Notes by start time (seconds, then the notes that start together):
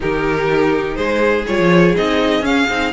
0.00 D#3 D#4 G4 A#4
0.95 G#3 G#4 C5
1.46 G3 F4 C#5
1.58 F3
1.96 C4 D#4 D#5
2.41 C#4 F5
2.69 C4 D#4